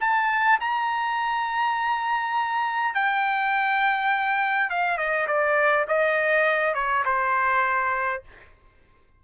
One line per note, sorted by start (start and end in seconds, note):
0.00 0.59 A5
0.60 2.94 A#5
2.94 4.70 G5
4.70 4.97 F5
4.97 5.27 D#5
5.27 5.86 D5
5.88 6.74 D#5
6.74 7.04 C#5
7.05 8.23 C5